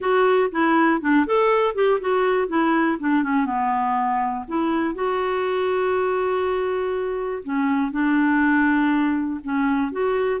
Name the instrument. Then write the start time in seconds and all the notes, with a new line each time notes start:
clarinet
0.00 F#4
0.51 E4
1.01 D4
1.26 A4
1.75 G4
2.00 F#4
2.47 E4
2.99 D4
3.23 C#4
3.45 B3
4.48 E4
4.95 F#4
7.43 C#4
7.91 D4
9.43 C#4
9.92 F#4